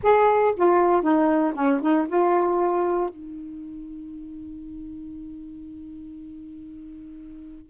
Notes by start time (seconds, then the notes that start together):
0.03 G#4
0.56 F4
1.02 D#4
1.54 C#4
1.81 D#4
2.08 F4
3.09 D#4